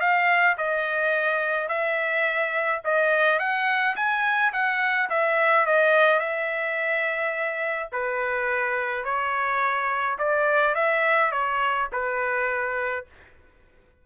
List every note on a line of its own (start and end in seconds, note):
0.00 0.57 F5
0.57 1.69 D#5
1.69 2.82 E5
2.84 3.39 D#5
3.39 3.96 F#5
3.96 4.53 G#5
4.53 5.09 F#5
5.09 5.66 E5
5.66 6.20 D#5
6.20 7.89 E5
7.92 9.04 B4
9.04 10.18 C#5
10.18 10.75 D5
10.75 11.32 E5
11.32 11.88 C#5
11.93 13.06 B4